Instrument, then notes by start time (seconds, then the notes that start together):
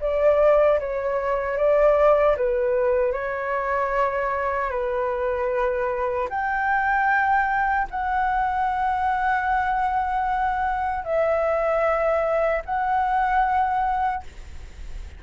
flute
0.00 D5
0.79 C#5
1.57 D5
2.36 B4
3.12 C#5
4.70 B4
6.29 G5
7.90 F#5
11.04 E5
12.65 F#5